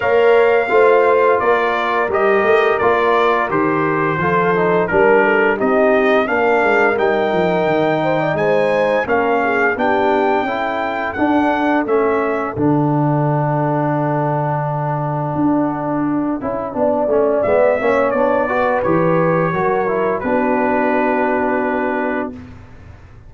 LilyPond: <<
  \new Staff \with { instrumentName = "trumpet" } { \time 4/4 \tempo 4 = 86 f''2 d''4 dis''4 | d''4 c''2 ais'4 | dis''4 f''4 g''2 | gis''4 f''4 g''2 |
fis''4 e''4 fis''2~ | fis''1~ | fis''4 e''4 d''4 cis''4~ | cis''4 b'2. | }
  \new Staff \with { instrumentName = "horn" } { \time 4/4 cis''4 c''4 ais'2~ | ais'2 a'4 ais'8 a'8 | g'4 ais'2~ ais'8 c''16 d''16 | c''4 ais'8 gis'8 g'4 a'4~ |
a'1~ | a'1 | d''4. cis''4 b'4. | ais'4 fis'2. | }
  \new Staff \with { instrumentName = "trombone" } { \time 4/4 ais'4 f'2 g'4 | f'4 g'4 f'8 dis'8 d'4 | dis'4 d'4 dis'2~ | dis'4 cis'4 d'4 e'4 |
d'4 cis'4 d'2~ | d'2.~ d'8 e'8 | d'8 cis'8 b8 cis'8 d'8 fis'8 g'4 | fis'8 e'8 d'2. | }
  \new Staff \with { instrumentName = "tuba" } { \time 4/4 ais4 a4 ais4 g8 a8 | ais4 dis4 f4 g4 | c'4 ais8 gis8 g8 f8 dis4 | gis4 ais4 b4 cis'4 |
d'4 a4 d2~ | d2 d'4. cis'8 | b8 a8 gis8 ais8 b4 e4 | fis4 b2. | }
>>